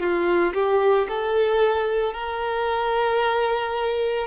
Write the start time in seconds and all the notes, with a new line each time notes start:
0.00 F4
0.54 G4
1.08 A4
2.13 A#4